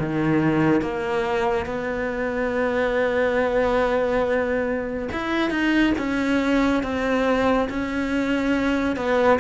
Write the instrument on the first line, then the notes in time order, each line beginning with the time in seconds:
cello
0.00 D#3
0.82 A#3
1.66 B3
5.13 E4
5.51 D#4
5.98 C#4
6.83 C4
7.70 C#4
8.96 B3